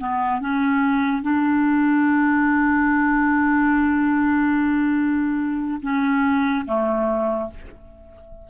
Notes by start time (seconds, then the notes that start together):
0.00 B3
0.41 C#4
1.23 D4
5.83 C#4
6.67 A3